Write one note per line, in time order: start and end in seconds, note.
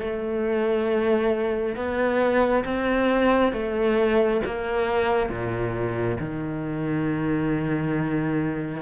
0.00 1.76 A3
1.76 2.64 B3
2.65 3.53 C4
3.53 4.41 A3
4.46 5.29 A#3
5.29 6.18 A#2
6.20 8.82 D#3